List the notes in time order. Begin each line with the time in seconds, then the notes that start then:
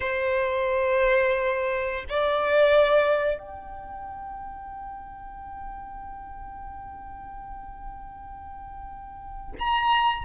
0.00 C5
2.09 D5
3.38 G5
9.58 A#5